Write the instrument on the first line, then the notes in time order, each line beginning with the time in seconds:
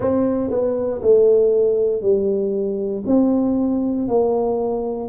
tuba
0.00 C4
0.50 B3
1.01 A3
2.01 G3
3.06 C4
4.07 A#3